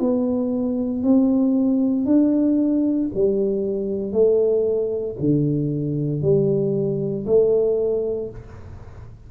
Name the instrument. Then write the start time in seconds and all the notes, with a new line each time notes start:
tuba
0.00 B3
1.03 C4
2.05 D4
3.14 G3
4.12 A3
5.20 D3
6.22 G3
7.26 A3